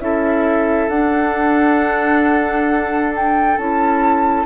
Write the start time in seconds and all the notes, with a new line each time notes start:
0.00 C#4 E4 A4 E5
0.89 D4 F#5
3.16 G5
3.58 C#4 E4 A5